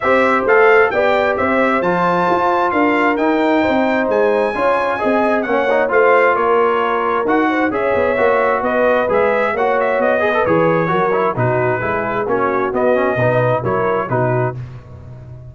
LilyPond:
<<
  \new Staff \with { instrumentName = "trumpet" } { \time 4/4 \tempo 4 = 132 e''4 f''4 g''4 e''4 | a''2 f''4 g''4~ | g''4 gis''2. | fis''4 f''4 cis''2 |
fis''4 e''2 dis''4 | e''4 fis''8 e''8 dis''4 cis''4~ | cis''4 b'2 cis''4 | dis''2 cis''4 b'4 | }
  \new Staff \with { instrumentName = "horn" } { \time 4/4 c''2 d''4 c''4~ | c''2 ais'2 | c''2 cis''4 dis''4 | cis''4 c''4 ais'2~ |
ais'8 c''8 cis''2 b'4~ | b'4 cis''4. b'4. | ais'4 fis'4 gis'4 fis'4~ | fis'4 b'4 ais'4 fis'4 | }
  \new Staff \with { instrumentName = "trombone" } { \time 4/4 g'4 a'4 g'2 | f'2. dis'4~ | dis'2 f'4 gis'4 | cis'8 dis'8 f'2. |
fis'4 gis'4 fis'2 | gis'4 fis'4. gis'16 a'16 gis'4 | fis'8 e'8 dis'4 e'4 cis'4 | b8 cis'8 dis'4 e'4 dis'4 | }
  \new Staff \with { instrumentName = "tuba" } { \time 4/4 c'4 a4 b4 c'4 | f4 f'4 d'4 dis'4 | c'4 gis4 cis'4 c'4 | ais4 a4 ais2 |
dis'4 cis'8 b8 ais4 b4 | gis4 ais4 b4 e4 | fis4 b,4 gis4 ais4 | b4 b,4 fis4 b,4 | }
>>